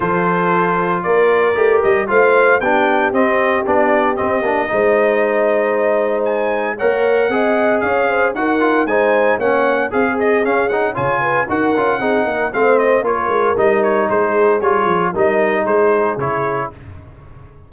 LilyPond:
<<
  \new Staff \with { instrumentName = "trumpet" } { \time 4/4 \tempo 4 = 115 c''2 d''4. dis''8 | f''4 g''4 dis''4 d''4 | dis''1 | gis''4 fis''2 f''4 |
fis''4 gis''4 fis''4 f''8 dis''8 | f''8 fis''8 gis''4 fis''2 | f''8 dis''8 cis''4 dis''8 cis''8 c''4 | cis''4 dis''4 c''4 cis''4 | }
  \new Staff \with { instrumentName = "horn" } { \time 4/4 a'2 ais'2 | c''4 g'2.~ | g'4 c''2.~ | c''4 cis''4 dis''4 cis''8 c''8 |
ais'4 c''4 cis''4 gis'4~ | gis'4 cis''8 b'8 ais'4 gis'8 ais'8 | c''4 ais'2 gis'4~ | gis'4 ais'4 gis'2 | }
  \new Staff \with { instrumentName = "trombone" } { \time 4/4 f'2. g'4 | f'4 d'4 c'4 d'4 | c'8 d'8 dis'2.~ | dis'4 ais'4 gis'2 |
fis'8 f'8 dis'4 cis'4 gis'4 | cis'8 dis'8 f'4 fis'8 f'8 dis'4 | c'4 f'4 dis'2 | f'4 dis'2 e'4 | }
  \new Staff \with { instrumentName = "tuba" } { \time 4/4 f2 ais4 a8 g8 | a4 b4 c'4 b4 | c'8 ais8 gis2.~ | gis4 ais4 c'4 cis'4 |
dis'4 gis4 ais4 c'4 | cis'4 cis4 dis'8 cis'8 c'8 ais8 | a4 ais8 gis8 g4 gis4 | g8 f8 g4 gis4 cis4 | }
>>